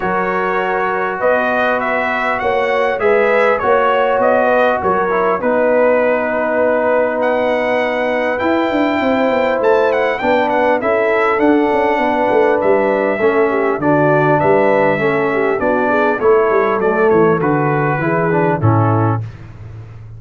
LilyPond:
<<
  \new Staff \with { instrumentName = "trumpet" } { \time 4/4 \tempo 4 = 100 cis''2 dis''4 e''4 | fis''4 e''4 cis''4 dis''4 | cis''4 b'2. | fis''2 g''2 |
a''8 fis''8 g''8 fis''8 e''4 fis''4~ | fis''4 e''2 d''4 | e''2 d''4 cis''4 | d''8 cis''8 b'2 a'4 | }
  \new Staff \with { instrumentName = "horn" } { \time 4/4 ais'2 b'2 | cis''4 b'4 cis''4. b'8 | ais'4 b'2.~ | b'2. c''4~ |
c''4 b'4 a'2 | b'2 a'8 g'8 fis'4 | b'4 a'8 g'8 fis'8 gis'8 a'4~ | a'2 gis'4 e'4 | }
  \new Staff \with { instrumentName = "trombone" } { \time 4/4 fis'1~ | fis'4 gis'4 fis'2~ | fis'8 e'8 dis'2.~ | dis'2 e'2~ |
e'4 d'4 e'4 d'4~ | d'2 cis'4 d'4~ | d'4 cis'4 d'4 e'4 | a4 fis'4 e'8 d'8 cis'4 | }
  \new Staff \with { instrumentName = "tuba" } { \time 4/4 fis2 b2 | ais4 gis4 ais4 b4 | fis4 b2.~ | b2 e'8 d'8 c'8 b8 |
a4 b4 cis'4 d'8 cis'8 | b8 a8 g4 a4 d4 | g4 a4 b4 a8 g8 | fis8 e8 d4 e4 a,4 | }
>>